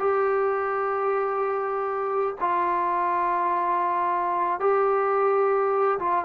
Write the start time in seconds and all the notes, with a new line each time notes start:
0.00 G4
2.41 F4
4.60 G4
5.99 F4